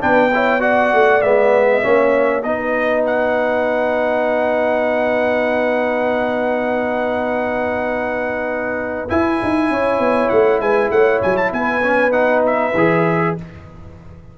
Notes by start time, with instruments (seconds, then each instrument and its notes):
0.00 tuba B3, trombone D4, horn B4, trumpet G5
0.34 trombone E4, horn C#5
0.60 trombone F#4, horn D5, trumpet F#5
0.93 tuba A3
1.21 tuba G#3, trombone B3, trumpet E5
1.70 horn D#5
1.82 tuba A#3, trombone C#4, horn C#5
2.43 tuba B3, trombone D#4, horn B4, trumpet D#5
3.06 trumpet F#5
9.09 trombone E4, tuba E4, trumpet G#5
9.43 tuba D#4
9.70 tuba C#4, horn C#5
9.99 tuba B3
10.29 tuba A3, trumpet F#5
10.60 tuba G#3, horn B4, trumpet G#5
10.91 tuba A3, horn C#5, trumpet F#5
11.22 tuba F#3, trumpet G#5
11.36 trumpet A5
11.51 tuba B3, horn B4, trumpet G#5
11.83 trombone C#4
12.12 trombone D#4, trumpet F#5
12.46 trumpet E5
12.74 tuba E3, trombone G#4